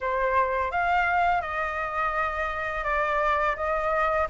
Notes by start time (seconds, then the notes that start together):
0.01 C5
0.71 F5
1.41 D#5
2.84 D5
3.56 D#5